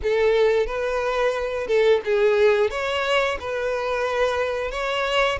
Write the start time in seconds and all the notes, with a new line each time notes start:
0.02 A4
0.66 B4
1.67 A4
2.04 G#4
2.70 C#5
3.40 B4
4.71 C#5